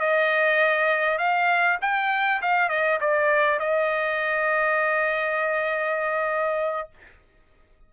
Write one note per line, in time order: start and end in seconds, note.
0.00 1.19 D#5
1.19 1.79 F5
1.82 2.42 G5
2.42 2.69 F5
2.69 2.99 D#5
3.01 3.59 D5
3.59 6.89 D#5